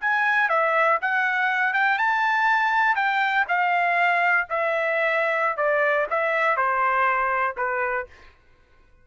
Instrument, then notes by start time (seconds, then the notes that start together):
trumpet
0.00 G#5
0.49 E5
1.01 F#5
1.73 G5
1.98 A5
2.95 G5
3.48 F5
4.49 E5
5.56 D5
6.10 E5
6.56 C5
7.57 B4